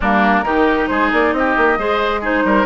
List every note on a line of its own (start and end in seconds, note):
0.00 0.42 G3
0.00 0.44 A#3
0.00 0.44 D4
0.00 0.87 A#4
0.42 0.87 D#3
0.42 1.77 D#4
0.42 0.89 G4
0.87 1.12 G#3
0.87 1.34 G#4
0.87 1.09 C5
1.12 1.32 A#3
1.12 1.33 D5
1.32 1.55 C4
1.32 1.78 G4
1.32 2.22 D#5
1.57 1.77 A#3
1.77 2.44 G#3
1.77 2.22 G#4
1.77 2.21 C5
2.21 2.65 D#4
2.21 2.43 G#4
2.21 2.65 C5
2.44 2.65 G3
2.44 2.65 A#4